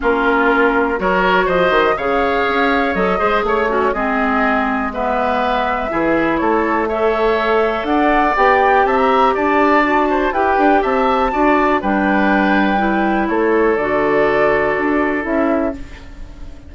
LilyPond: <<
  \new Staff \with { instrumentName = "flute" } { \time 4/4 \tempo 4 = 122 ais'2 cis''4 dis''4 | f''2 dis''4 cis''4 | dis''2 e''2~ | e''4 cis''4 e''2 |
fis''4 g''4 a''16 ais''8. a''4~ | a''4 g''4 a''2 | g''2. cis''4 | d''2. e''4 | }
  \new Staff \with { instrumentName = "oboe" } { \time 4/4 f'2 ais'4 c''4 | cis''2~ cis''8 c''8 cis''8 cis'8 | gis'2 b'2 | gis'4 a'4 cis''2 |
d''2 e''4 d''4~ | d''8 c''8 b'4 e''4 d''4 | b'2. a'4~ | a'1 | }
  \new Staff \with { instrumentName = "clarinet" } { \time 4/4 cis'2 fis'2 | gis'2 a'8 gis'4 fis'8 | c'2 b2 | e'2 a'2~ |
a'4 g'2. | fis'4 g'2 fis'4 | d'2 e'2 | fis'2. e'4 | }
  \new Staff \with { instrumentName = "bassoon" } { \time 4/4 ais2 fis4 f8 dis8 | cis4 cis'4 fis8 gis8 a4 | gis1 | e4 a2. |
d'4 b4 c'4 d'4~ | d'4 e'8 d'8 c'4 d'4 | g2. a4 | d2 d'4 cis'4 | }
>>